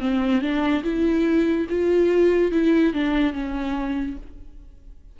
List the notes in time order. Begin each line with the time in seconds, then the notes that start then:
0.00 C4
0.42 D4
0.84 E4
1.70 F4
2.52 E4
2.94 D4
3.34 C#4